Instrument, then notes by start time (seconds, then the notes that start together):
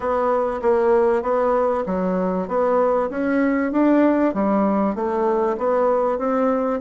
bassoon
0.00 B3
0.62 A#3
1.22 B3
1.86 F#3
2.47 B3
3.10 C#4
3.72 D4
4.34 G3
4.95 A3
5.57 B3
6.18 C4